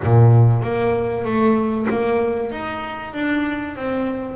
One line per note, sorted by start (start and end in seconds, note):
0.03 0.62 A#2
0.62 1.24 A#3
1.24 1.87 A3
1.89 2.51 A#3
2.51 3.13 D#4
3.13 3.76 D4
3.76 4.36 C4